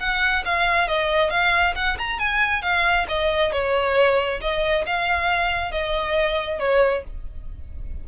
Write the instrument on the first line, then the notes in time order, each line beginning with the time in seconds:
violin
0.00 F#5
0.46 F5
0.88 D#5
1.31 F5
1.76 F#5
1.98 A#5
2.19 G#5
2.62 F5
3.09 D#5
3.52 C#5
4.41 D#5
4.86 F5
5.72 D#5
6.60 C#5